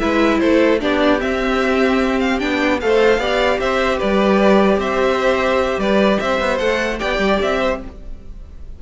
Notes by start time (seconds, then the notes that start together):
0.00 G#3 E4 B4 E5
0.40 A3 A4 C5
0.80 B3 D4 G4 D5
1.19 C4 E5
2.20 F5
2.40 B3 D4 G5
2.81 A3 A4 C5 F5
3.18 B3 G4 D5
3.59 C4 C5 E5
3.98 G3 B4 D5
4.78 C4 C5 E5
5.78 G3 B4 D5
6.20 C4 C5 E5
6.41 B3
6.58 A3 A4 F#5
6.99 B3 G4 D5 G5
7.19 G3
7.42 C4 E5
7.60 C5